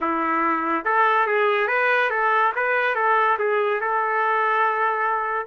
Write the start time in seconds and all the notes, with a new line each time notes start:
0.01 E4
0.84 A4
1.26 G#4
1.67 B4
2.10 A4
2.55 B4
2.95 A4
3.38 G#4
3.80 A4